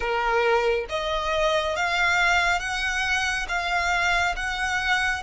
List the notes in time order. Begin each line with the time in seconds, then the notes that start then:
0.00 A#4
0.89 D#5
1.75 F5
2.59 F#5
3.48 F5
4.36 F#5